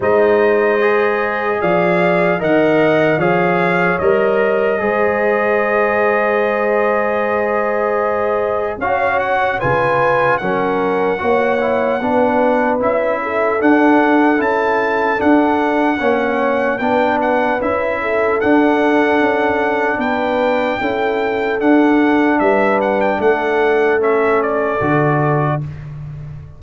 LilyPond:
<<
  \new Staff \with { instrumentName = "trumpet" } { \time 4/4 \tempo 4 = 75 dis''2 f''4 fis''4 | f''4 dis''2.~ | dis''2. f''8 fis''8 | gis''4 fis''2. |
e''4 fis''4 a''4 fis''4~ | fis''4 g''8 fis''8 e''4 fis''4~ | fis''4 g''2 fis''4 | e''8 fis''16 g''16 fis''4 e''8 d''4. | }
  \new Staff \with { instrumentName = "horn" } { \time 4/4 c''2 d''4 dis''4 | cis''2 c''2~ | c''2. cis''4 | b'4 ais'4 cis''4 b'4~ |
b'8 a'2.~ a'8 | cis''4 b'4. a'4.~ | a'4 b'4 a'2 | b'4 a'2. | }
  \new Staff \with { instrumentName = "trombone" } { \time 4/4 dis'4 gis'2 ais'4 | gis'4 ais'4 gis'2~ | gis'2. fis'4 | f'4 cis'4 fis'8 e'8 d'4 |
e'4 d'4 e'4 d'4 | cis'4 d'4 e'4 d'4~ | d'2 e'4 d'4~ | d'2 cis'4 fis'4 | }
  \new Staff \with { instrumentName = "tuba" } { \time 4/4 gis2 f4 dis4 | f4 g4 gis2~ | gis2. cis'4 | cis4 fis4 ais4 b4 |
cis'4 d'4 cis'4 d'4 | ais4 b4 cis'4 d'4 | cis'4 b4 cis'4 d'4 | g4 a2 d4 | }
>>